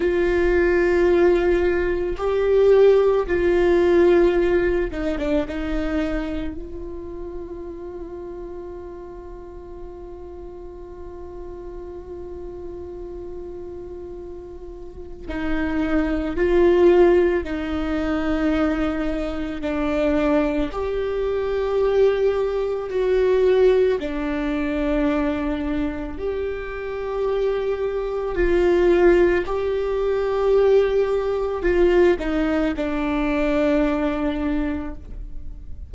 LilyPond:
\new Staff \with { instrumentName = "viola" } { \time 4/4 \tempo 4 = 55 f'2 g'4 f'4~ | f'8 dis'16 d'16 dis'4 f'2~ | f'1~ | f'2 dis'4 f'4 |
dis'2 d'4 g'4~ | g'4 fis'4 d'2 | g'2 f'4 g'4~ | g'4 f'8 dis'8 d'2 | }